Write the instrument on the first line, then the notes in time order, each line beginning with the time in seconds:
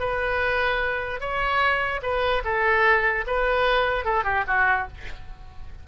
oboe
0.00 B4
1.21 C#5
2.03 B4
2.45 A4
3.27 B4
4.05 A4
4.24 G4
4.48 F#4